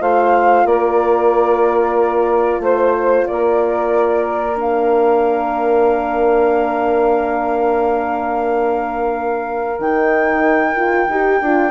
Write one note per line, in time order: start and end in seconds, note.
0.00 0.65 A3
0.00 4.56 F4
0.00 0.66 C5
0.00 0.67 F5
0.65 2.60 A#3
0.65 2.62 A#4
0.65 2.63 D5
2.60 3.25 A3
2.60 3.27 C5
3.27 9.79 A#3
3.27 11.72 A#4
3.27 4.58 D5
4.56 9.78 D4
4.56 9.81 F5
9.79 11.08 D#3
9.79 10.77 D#4
9.79 11.72 G5
10.77 11.09 F4
11.08 11.41 D#4
11.08 11.44 G4
11.42 11.72 D4
11.42 11.72 F4